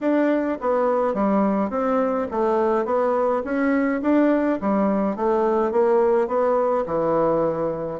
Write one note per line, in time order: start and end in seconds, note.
0.01 0.58 D4
0.60 1.14 B3
1.14 1.70 G3
1.70 2.27 C4
2.31 2.85 A3
2.85 3.42 B3
3.44 4.01 C#4
4.02 4.59 D4
4.61 5.16 G3
5.16 5.71 A3
5.71 6.27 A#3
6.27 6.84 B3
6.85 8.00 E3